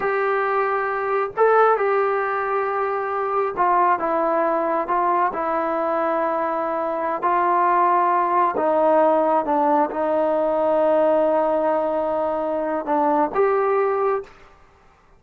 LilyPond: \new Staff \with { instrumentName = "trombone" } { \time 4/4 \tempo 4 = 135 g'2. a'4 | g'1 | f'4 e'2 f'4 | e'1~ |
e'16 f'2. dis'8.~ | dis'4~ dis'16 d'4 dis'4.~ dis'16~ | dis'1~ | dis'4 d'4 g'2 | }